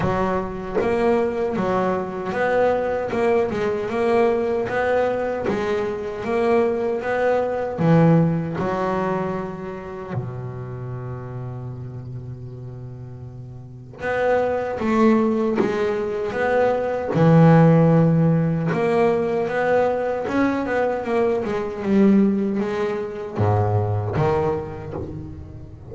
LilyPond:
\new Staff \with { instrumentName = "double bass" } { \time 4/4 \tempo 4 = 77 fis4 ais4 fis4 b4 | ais8 gis8 ais4 b4 gis4 | ais4 b4 e4 fis4~ | fis4 b,2.~ |
b,2 b4 a4 | gis4 b4 e2 | ais4 b4 cis'8 b8 ais8 gis8 | g4 gis4 gis,4 dis4 | }